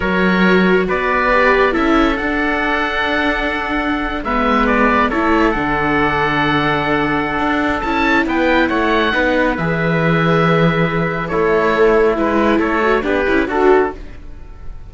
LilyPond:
<<
  \new Staff \with { instrumentName = "oboe" } { \time 4/4 \tempo 4 = 138 cis''2 d''2 | e''4 fis''2.~ | fis''4.~ fis''16 e''4 d''4 cis''16~ | cis''8. fis''2.~ fis''16~ |
fis''2 a''4 g''4 | fis''2 e''2~ | e''2 cis''2 | b'4 cis''4 b'4 a'4 | }
  \new Staff \with { instrumentName = "trumpet" } { \time 4/4 ais'2 b'2 | a'1~ | a'4.~ a'16 b'2 a'16~ | a'1~ |
a'2. b'4 | cis''4 b'2.~ | b'2 e'2~ | e'4 a'4 g'4 fis'4 | }
  \new Staff \with { instrumentName = "viola" } { \time 4/4 fis'2. g'4 | e'4 d'2.~ | d'4.~ d'16 b2 e'16~ | e'8. d'2.~ d'16~ |
d'2 e'2~ | e'4 dis'4 gis'2~ | gis'2 a'2 | e'4. fis'8 d'8 e'8 fis'4 | }
  \new Staff \with { instrumentName = "cello" } { \time 4/4 fis2 b2 | cis'4 d'2.~ | d'4.~ d'16 gis2 a16~ | a8. d2.~ d16~ |
d4 d'4 cis'4 b4 | a4 b4 e2~ | e2 a2 | gis4 a4 b8 cis'8 d'4 | }
>>